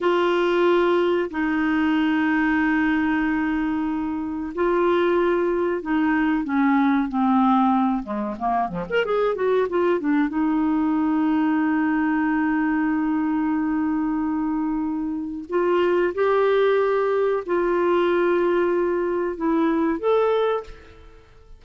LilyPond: \new Staff \with { instrumentName = "clarinet" } { \time 4/4 \tempo 4 = 93 f'2 dis'2~ | dis'2. f'4~ | f'4 dis'4 cis'4 c'4~ | c'8 gis8 ais8 f16 ais'16 gis'8 fis'8 f'8 d'8 |
dis'1~ | dis'1 | f'4 g'2 f'4~ | f'2 e'4 a'4 | }